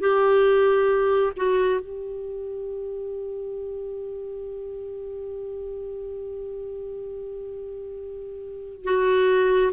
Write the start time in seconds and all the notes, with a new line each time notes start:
0.00 G4
1.36 F#4
1.81 G4
8.84 F#4